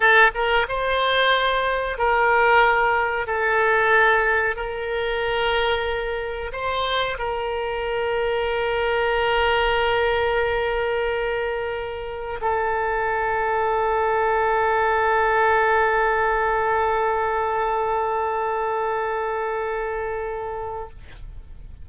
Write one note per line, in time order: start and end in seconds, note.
0.00 0.31 A4
0.34 0.67 A#4
0.68 1.97 C5
1.97 3.26 A#4
3.26 4.56 A4
4.56 6.51 A#4
6.52 7.17 C5
7.18 12.40 A#4
12.41 20.89 A4